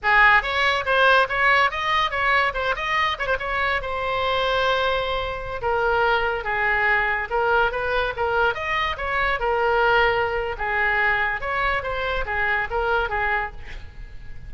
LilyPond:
\new Staff \with { instrumentName = "oboe" } { \time 4/4 \tempo 4 = 142 gis'4 cis''4 c''4 cis''4 | dis''4 cis''4 c''8 dis''4 cis''16 c''16 | cis''4 c''2.~ | c''4~ c''16 ais'2 gis'8.~ |
gis'4~ gis'16 ais'4 b'4 ais'8.~ | ais'16 dis''4 cis''4 ais'4.~ ais'16~ | ais'4 gis'2 cis''4 | c''4 gis'4 ais'4 gis'4 | }